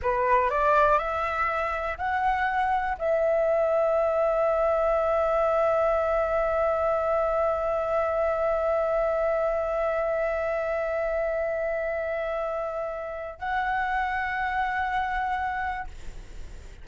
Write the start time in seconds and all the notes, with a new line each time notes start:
0.02 B4
0.50 D5
0.98 E5
1.98 F#5
2.98 E5
13.39 F#5